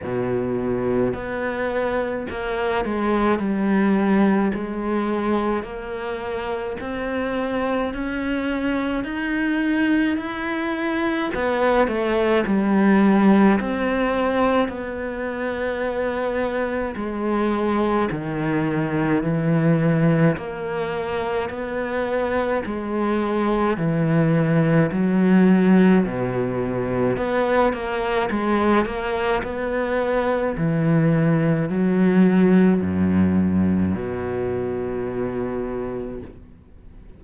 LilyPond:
\new Staff \with { instrumentName = "cello" } { \time 4/4 \tempo 4 = 53 b,4 b4 ais8 gis8 g4 | gis4 ais4 c'4 cis'4 | dis'4 e'4 b8 a8 g4 | c'4 b2 gis4 |
dis4 e4 ais4 b4 | gis4 e4 fis4 b,4 | b8 ais8 gis8 ais8 b4 e4 | fis4 fis,4 b,2 | }